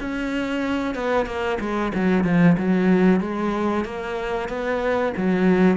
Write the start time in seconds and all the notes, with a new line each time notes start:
0.00 C#4
0.94 B3
1.26 A#3
1.60 G#3
1.94 F#3
2.24 F3
2.58 F#3
3.21 G#3
3.85 A#3
4.49 B3
5.17 F#3